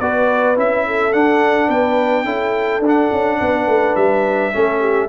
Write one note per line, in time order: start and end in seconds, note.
0.00 0.57 B3
0.00 0.56 F#4
0.00 0.87 B4
0.00 0.57 D5
0.56 1.14 C#4
0.56 1.13 E4
0.56 1.13 E5
0.87 1.68 A4
1.13 2.25 D4
1.13 1.69 D4
1.13 1.70 F#5
1.68 2.25 B3
1.68 2.25 B4
1.68 2.83 G5
2.25 2.80 C#4
2.25 2.82 E4
2.25 3.39 A4
2.80 3.08 D4
2.80 4.53 D4
2.88 3.96 F#5
3.12 3.40 C#4
3.41 3.67 B3
3.41 4.55 B4
3.67 3.95 A3
3.96 4.53 G3
3.96 5.09 E5
4.53 5.09 A3
4.53 5.09 C#4
4.53 4.80 A4
4.80 5.08 G4